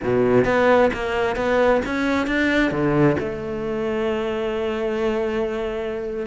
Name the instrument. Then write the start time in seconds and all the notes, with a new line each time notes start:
cello
0.03 B2
0.44 B3
0.93 A#3
1.36 B3
1.85 C#4
2.26 D4
2.71 D3
3.19 A3